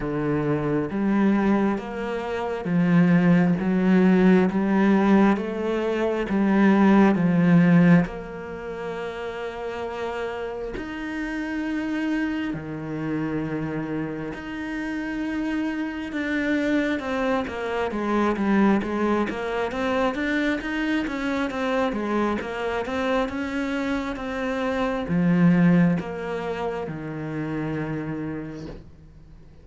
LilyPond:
\new Staff \with { instrumentName = "cello" } { \time 4/4 \tempo 4 = 67 d4 g4 ais4 f4 | fis4 g4 a4 g4 | f4 ais2. | dis'2 dis2 |
dis'2 d'4 c'8 ais8 | gis8 g8 gis8 ais8 c'8 d'8 dis'8 cis'8 | c'8 gis8 ais8 c'8 cis'4 c'4 | f4 ais4 dis2 | }